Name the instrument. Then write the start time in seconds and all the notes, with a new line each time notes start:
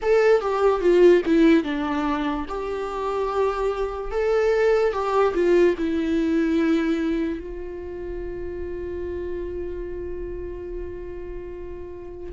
viola
0.02 A4
0.40 G4
0.80 F4
1.25 E4
1.63 D4
2.48 G4
4.11 A4
4.92 G4
5.34 F4
5.77 E4
7.39 F4